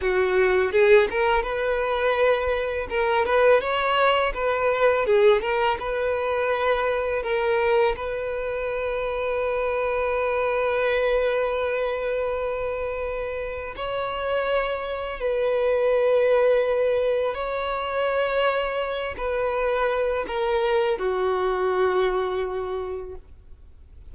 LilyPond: \new Staff \with { instrumentName = "violin" } { \time 4/4 \tempo 4 = 83 fis'4 gis'8 ais'8 b'2 | ais'8 b'8 cis''4 b'4 gis'8 ais'8 | b'2 ais'4 b'4~ | b'1~ |
b'2. cis''4~ | cis''4 b'2. | cis''2~ cis''8 b'4. | ais'4 fis'2. | }